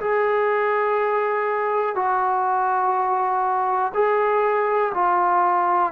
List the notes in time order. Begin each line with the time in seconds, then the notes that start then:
0.00 G#4
1.95 F#4
3.94 G#4
4.94 F4